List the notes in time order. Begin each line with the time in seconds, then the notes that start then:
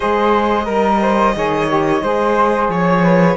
0.00 G#3 G#4 C5 D#5
0.65 G3 A#4
1.01 C5
1.35 D#3 G#4 C#5
1.67 G4
2.02 G#3 G#4 C5
2.68 F3 C#5
3.03 B4